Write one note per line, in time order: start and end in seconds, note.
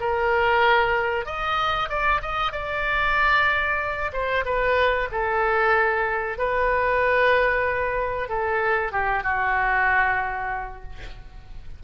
0.00 1.26 A#4
1.26 1.89 D#5
1.89 2.21 D5
2.22 2.52 D#5
2.52 4.12 D5
4.13 4.45 C5
4.45 5.09 B4
5.12 6.38 A4
6.38 8.29 B4
8.29 8.92 A4
8.92 9.23 G4
9.23 10.83 F#4